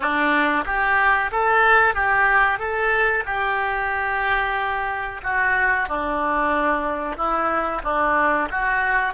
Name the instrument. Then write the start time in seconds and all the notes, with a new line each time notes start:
oboe
0.00 D4
0.65 G4
1.31 A4
1.94 G4
2.58 A4
3.25 G4
5.23 F#4
5.88 D4
7.16 E4
7.83 D4
8.50 F#4